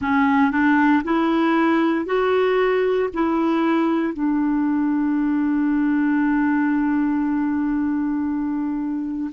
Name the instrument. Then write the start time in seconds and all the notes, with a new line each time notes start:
clarinet
0.01 C#4
0.51 D4
1.03 E4
2.05 F#4
3.13 E4
4.13 D4